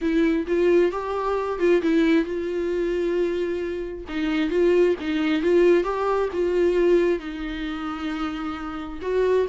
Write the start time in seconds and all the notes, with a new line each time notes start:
0.01 E4
0.47 F4
0.91 G4
1.59 F4
1.81 E4
2.24 F4
4.08 D#4
4.50 F4
5.00 D#4
5.42 F4
5.83 G4
6.32 F4
7.19 D#4
9.01 F#4